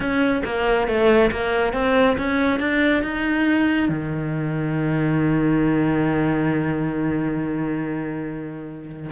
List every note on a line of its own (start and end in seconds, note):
0.00 0.42 C#4
0.44 0.87 A#3
0.87 1.30 A3
1.31 1.73 A#3
1.73 2.16 C4
2.17 2.59 C#4
2.59 3.03 D4
3.03 3.89 D#4
3.89 9.10 D#3